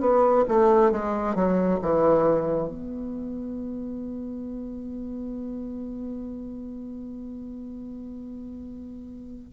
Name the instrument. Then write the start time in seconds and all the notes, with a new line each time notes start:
bassoon
0.00 B3
0.48 A3
0.91 G#3
1.35 F#3
1.82 E3
2.68 B3